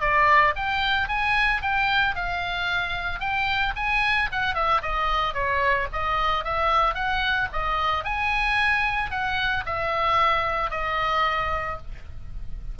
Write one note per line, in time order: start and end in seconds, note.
0.00 0.54 D5
0.55 1.08 G5
1.08 1.61 G#5
1.61 2.15 G5
2.15 3.19 F5
3.19 3.73 G5
3.75 4.29 G#5
4.31 4.54 F#5
4.54 4.81 E5
4.82 5.34 D#5
5.34 5.87 C#5
5.92 6.44 D#5
6.44 6.94 E5
6.94 7.48 F#5
7.52 8.04 D#5
8.04 9.10 G#5
9.10 9.64 F#5
9.65 10.70 E5
10.70 11.78 D#5